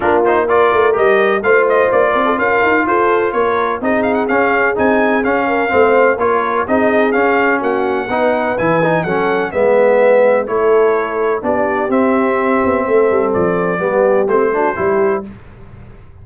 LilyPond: <<
  \new Staff \with { instrumentName = "trumpet" } { \time 4/4 \tempo 4 = 126 ais'8 c''8 d''4 dis''4 f''8 dis''8 | d''4 f''4 c''4 cis''4 | dis''8 f''16 fis''16 f''4 gis''4 f''4~ | f''4 cis''4 dis''4 f''4 |
fis''2 gis''4 fis''4 | e''2 cis''2 | d''4 e''2. | d''2 c''2 | }
  \new Staff \with { instrumentName = "horn" } { \time 4/4 f'4 ais'2 c''4~ | c''8 ais'16 a'16 ais'4 a'4 ais'4 | gis'2.~ gis'8 ais'8 | c''4 ais'4 gis'2 |
fis'4 b'2 a'4 | b'2 a'2 | g'2. a'4~ | a'4 g'4. fis'8 g'4 | }
  \new Staff \with { instrumentName = "trombone" } { \time 4/4 d'8 dis'8 f'4 g'4 f'4~ | f'1 | dis'4 cis'4 dis'4 cis'4 | c'4 f'4 dis'4 cis'4~ |
cis'4 dis'4 e'8 dis'8 cis'4 | b2 e'2 | d'4 c'2.~ | c'4 b4 c'8 d'8 e'4 | }
  \new Staff \with { instrumentName = "tuba" } { \time 4/4 ais4. a8 g4 a4 | ais8 c'8 cis'8 dis'8 f'4 ais4 | c'4 cis'4 c'4 cis'4 | a4 ais4 c'4 cis'4 |
ais4 b4 e4 fis4 | gis2 a2 | b4 c'4. b8 a8 g8 | f4 g4 a4 g4 | }
>>